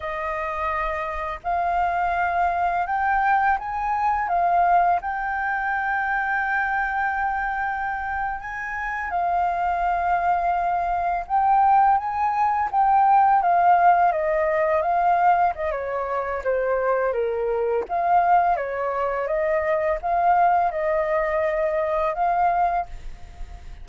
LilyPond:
\new Staff \with { instrumentName = "flute" } { \time 4/4 \tempo 4 = 84 dis''2 f''2 | g''4 gis''4 f''4 g''4~ | g''2.~ g''8. gis''16~ | gis''8. f''2. g''16~ |
g''8. gis''4 g''4 f''4 dis''16~ | dis''8. f''4 dis''16 cis''4 c''4 | ais'4 f''4 cis''4 dis''4 | f''4 dis''2 f''4 | }